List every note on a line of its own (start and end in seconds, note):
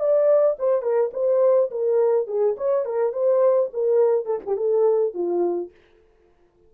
0.00 0.57 D5
0.59 0.83 C5
0.83 1.11 A#4
1.14 1.71 C5
1.71 2.28 A#4
2.28 2.56 G#4
2.58 2.85 C#5
2.85 3.13 A#4
3.13 3.70 C5
3.74 4.26 A#4
4.26 4.40 A4
4.46 4.57 G4
4.57 5.14 A4
5.14 5.71 F4